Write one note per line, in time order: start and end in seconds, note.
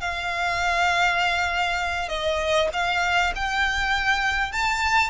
0.00 2.09 F5
2.09 2.69 D#5
2.73 3.33 F5
3.35 4.52 G5
4.52 5.10 A5